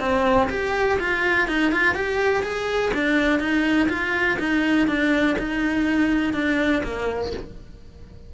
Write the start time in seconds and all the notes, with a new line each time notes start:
0.00 C4
0.50 G4
1.00 F4
1.48 D#4
1.72 F4
1.95 G4
2.43 G#4
2.94 D4
3.39 D#4
3.89 F4
4.39 D#4
4.87 D4
5.39 D#4
6.34 D4
6.83 A#3